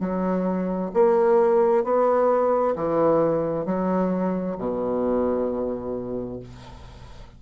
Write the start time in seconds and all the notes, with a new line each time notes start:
0.00 F#3
0.93 A#3
1.84 B3
2.75 E3
3.65 F#3
4.57 B2